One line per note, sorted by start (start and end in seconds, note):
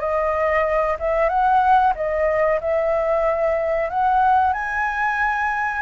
0.00 0.97 D#5
0.99 1.29 E5
1.29 1.94 F#5
1.95 2.60 D#5
2.61 3.90 E5
3.90 4.53 F#5
4.53 5.82 G#5